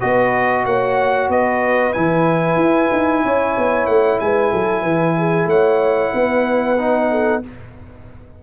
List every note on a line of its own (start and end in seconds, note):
0.00 0.65 B3
0.00 1.93 F#4
0.00 0.65 B4
0.00 0.65 D#5
0.65 1.29 A#3
0.65 1.30 C#5
0.65 1.30 F#5
1.29 1.93 B3
1.29 3.24 B4
1.29 1.92 D#5
1.92 2.56 E3
1.92 6.77 E4
1.92 3.86 G#5
2.56 2.88 E4
2.92 3.24 D#4
3.24 3.57 C#4
3.24 4.20 C#5
3.57 3.87 B3
3.86 4.19 A3
3.86 4.18 F#5
4.19 4.53 G#3
4.19 4.51 B4
4.19 5.48 G#5
4.51 4.82 F#3
4.51 4.82 A4
4.82 5.46 E3
4.82 5.14 B4
5.17 5.48 G#4
5.46 6.10 A3
5.46 6.12 C#5
5.46 7.43 F#5
6.12 7.42 B3
6.12 7.08 B4
6.78 7.43 D#4
7.10 7.42 A4